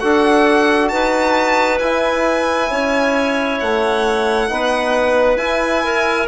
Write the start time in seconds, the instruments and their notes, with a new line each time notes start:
0.00 bassoon D4, trombone F#4, clarinet A4, violin F#5
0.88 bassoon D#4, clarinet B4, violin A5
1.79 bassoon E4, trombone E4, violin G#5
2.70 bassoon C#4, clarinet C#5
3.60 bassoon A3, violin F#5
4.49 bassoon B3, trombone D#4, clarinet B4
5.37 bassoon E4, trombone E4, violin G#5
5.84 clarinet A#4